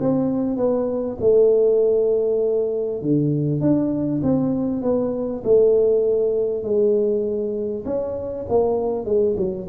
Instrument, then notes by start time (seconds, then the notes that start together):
tuba
0.00 C4
0.57 B3
1.20 A3
3.02 D3
3.61 D4
4.23 C4
4.82 B3
5.44 A3
6.64 G#3
7.86 C#4
8.49 A#3
9.06 G#3
9.37 F#3